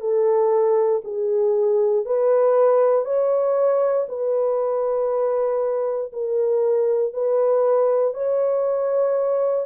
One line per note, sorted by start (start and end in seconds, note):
0.00 1.02 A4
1.04 2.05 G#4
2.05 3.05 B4
3.05 4.06 C#5
4.08 6.12 B4
6.12 7.13 A#4
7.13 8.14 B4
8.14 9.65 C#5